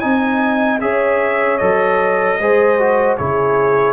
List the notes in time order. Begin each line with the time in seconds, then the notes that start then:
0.00 C4 D#4 D#5 G#5
0.81 C#4 G#4 C#5 E5
1.58 F#3 A4 D#5
2.39 G#3 G#4 C5
2.79 F#4
3.17 C#3 E4 G#4 C#5